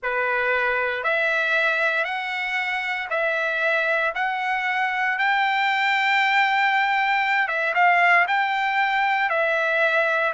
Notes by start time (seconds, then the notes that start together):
0.03 B4
1.03 E5
2.04 F#5
3.10 E5
4.14 F#5
5.18 G5
7.47 E5
7.74 F5
8.27 G5
9.29 E5